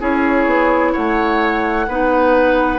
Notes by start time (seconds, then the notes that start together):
0.00 C#4 E4 G#4 C#5
0.46 B3
0.93 A3 C#5 F#5
1.88 B3 D#4 B4